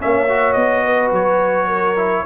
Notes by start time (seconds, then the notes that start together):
0.00 A#3 C#4 C#5 E5
0.29 F#4
0.53 B3 D#5
0.84 B4
1.12 F#3 C#5
1.68 A#4
1.97 E4